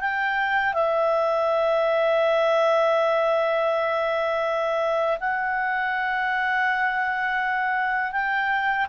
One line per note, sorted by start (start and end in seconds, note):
0.00 0.73 G5
0.73 5.18 E5
5.20 8.12 F#5
8.12 8.86 G5